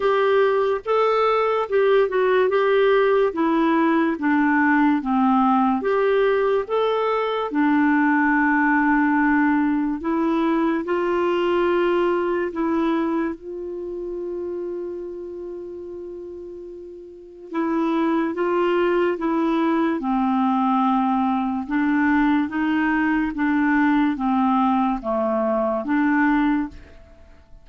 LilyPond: \new Staff \with { instrumentName = "clarinet" } { \time 4/4 \tempo 4 = 72 g'4 a'4 g'8 fis'8 g'4 | e'4 d'4 c'4 g'4 | a'4 d'2. | e'4 f'2 e'4 |
f'1~ | f'4 e'4 f'4 e'4 | c'2 d'4 dis'4 | d'4 c'4 a4 d'4 | }